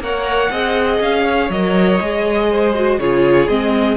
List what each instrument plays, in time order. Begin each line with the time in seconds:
0.00 cello A#3, viola A#4, violin C#5 F#5
0.51 cello C4, viola G#4, violin D#5
1.01 cello C#4, violin F5
1.24 violin C#5
1.50 cello F#3, viola A#4, violin D#5
2.01 cello G#3, viola G#4
2.50 violin C5
2.75 viola F#4
2.99 cello C#3, viola F4, violin G#4 C#5
3.48 cello G#3, viola C4, violin D#5